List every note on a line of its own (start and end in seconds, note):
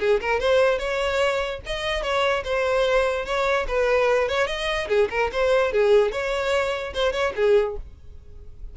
0.00 0.20 G#4
0.21 0.40 A#4
0.40 0.79 C5
0.79 1.60 C#5
1.66 2.03 D#5
2.03 2.44 C#5
2.44 3.26 C5
3.26 3.66 C#5
3.68 4.29 B4
4.29 4.47 C#5
4.47 4.88 D#5
4.88 5.09 G#4
5.10 5.31 A#4
5.32 5.72 C5
5.72 6.12 G#4
6.12 6.94 C#5
6.94 7.13 C5
7.13 7.33 C#5
7.36 7.77 G#4